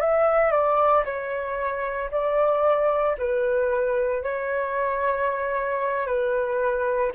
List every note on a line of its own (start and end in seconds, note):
0.00 0.51 E5
0.51 1.03 D5
1.04 2.10 C#5
2.11 3.16 D5
3.18 4.22 B4
4.22 6.06 C#5
6.06 7.11 B4